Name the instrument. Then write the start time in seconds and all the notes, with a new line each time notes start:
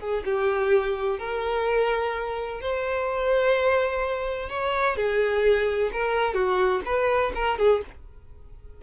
violin
0.00 G#4
0.25 G4
1.19 A#4
2.61 C5
4.49 C#5
4.97 G#4
5.92 A#4
6.34 F#4
6.85 B4
7.35 A#4
7.58 G#4